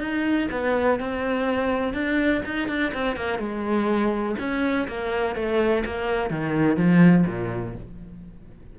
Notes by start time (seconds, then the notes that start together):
0.00 D#4
0.52 B3
1.00 C4
1.93 D4
2.45 D#4
2.68 D4
2.94 C4
3.16 A#3
3.39 G#3
4.39 C#4
4.88 A#3
5.35 A3
5.86 A#3
6.30 D#3
6.77 F3
7.27 A#2